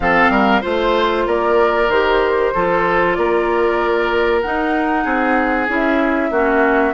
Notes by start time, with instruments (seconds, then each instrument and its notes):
0.00 bassoon F3, clarinet C4, oboe A4, flute F5
0.29 bassoon G3, oboe A#4
0.61 bassoon A3, clarinet F4, oboe C5, flute C5
1.26 bassoon A#3, oboe A#4, flute D5
1.88 bassoon D#3, clarinet G4, flute C5
2.54 bassoon F3, clarinet F4, oboe A4
3.13 bassoon A#3, oboe A#4, flute D5
4.41 clarinet D#4, bassoon D#4, flute F#5
5.04 bassoon C4, oboe G#4
5.68 bassoon C#4, clarinet E4, flute E5
6.30 bassoon A#3, clarinet C#4, oboe F#4